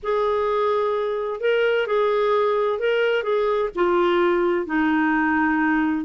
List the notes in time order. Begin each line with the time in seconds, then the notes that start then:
0.02 G#4
1.40 A#4
1.86 G#4
2.79 A#4
3.23 G#4
3.75 F4
4.66 D#4